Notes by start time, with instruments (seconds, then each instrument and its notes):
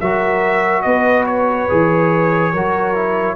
0.00 tuba F#3, trombone F#4, horn A#4, trumpet E5
0.82 tuba B3, horn B4, trumpet D#5
1.26 trumpet C#5
1.69 tuba E3, trombone G#4
2.53 tuba F#3, trombone F#4, horn A#4
2.95 trombone E4